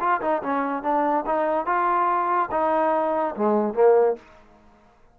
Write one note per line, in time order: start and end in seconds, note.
0.00 0.21 F4
0.21 0.42 D#4
0.43 0.83 C#4
0.83 1.25 D4
1.26 1.66 D#4
1.66 2.50 F4
2.51 3.35 D#4
3.36 3.74 G#3
3.74 4.16 A#3